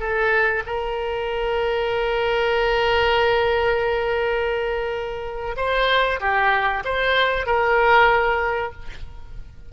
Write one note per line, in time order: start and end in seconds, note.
0.00 0.63 A4
0.66 5.56 A#4
5.57 6.20 C5
6.20 6.84 G4
6.84 7.46 C5
7.46 8.72 A#4